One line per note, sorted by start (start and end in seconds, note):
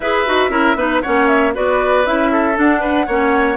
0.00 0.24 E4
0.00 0.26 G#4
0.00 0.51 B4
0.00 1.02 E5
0.26 0.49 D#4
0.26 0.50 F#4
0.49 0.75 C#4
0.49 0.76 E4
0.49 0.76 A#4
0.75 1.00 B3
0.75 1.02 D#4
0.75 1.02 B4
1.02 1.56 A#3
1.02 1.53 C#4
1.02 1.53 C#5
1.02 1.27 F#5
1.27 1.53 E5
1.53 2.06 B3
1.53 2.04 F#4
1.53 2.31 B4
1.53 2.05 D5
2.05 2.57 C#4
2.05 2.54 E4
2.05 2.57 E5
2.32 2.80 A4
2.54 3.06 D4
2.54 3.07 D4
2.54 3.57 F#5
2.80 3.06 B4
3.06 3.57 A#3
3.06 3.57 C#4
3.06 3.57 C#5